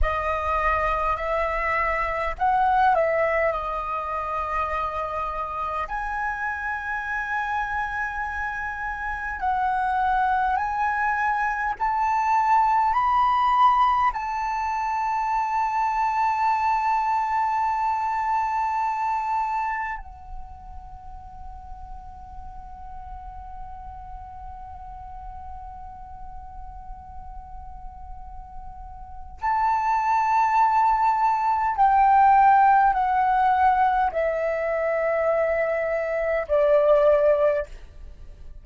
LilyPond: \new Staff \with { instrumentName = "flute" } { \time 4/4 \tempo 4 = 51 dis''4 e''4 fis''8 e''8 dis''4~ | dis''4 gis''2. | fis''4 gis''4 a''4 b''4 | a''1~ |
a''4 fis''2.~ | fis''1~ | fis''4 a''2 g''4 | fis''4 e''2 d''4 | }